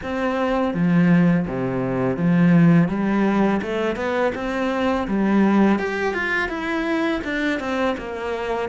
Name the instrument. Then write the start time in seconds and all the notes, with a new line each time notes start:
cello
0.02 C4
0.74 F3
1.47 C3
2.17 F3
2.88 G3
3.61 A3
3.96 B3
4.34 C4
5.07 G3
5.78 G4
6.13 F4
6.48 E4
7.24 D4
7.59 C4
7.97 A#3